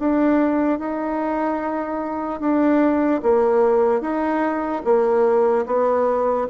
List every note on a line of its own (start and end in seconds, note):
0.00 0.80 D4
0.80 2.41 D#4
2.41 3.22 D4
3.23 4.02 A#3
4.02 4.83 D#4
4.85 5.66 A#3
5.67 6.48 B3